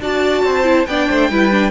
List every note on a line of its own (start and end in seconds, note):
0.00 0.43 D4
0.00 0.64 F#4
0.00 0.45 D5
0.00 0.86 A5
0.43 0.86 C4
0.43 0.88 C5
0.64 0.85 E4
0.86 1.09 B3
0.86 1.31 D4
0.86 1.09 D5
0.86 1.70 G5
1.09 1.29 A3
1.09 1.30 C5
1.29 1.70 G3
1.29 1.51 E4
1.29 1.70 B4
1.51 1.70 D4